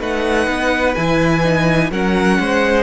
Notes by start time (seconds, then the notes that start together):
0.00 A3 D#4 B4 F#5
0.47 B3
0.95 E3 E4 G#5
1.44 D#4
1.91 F#3 C#4 A#4 F#5
2.40 G#3 C5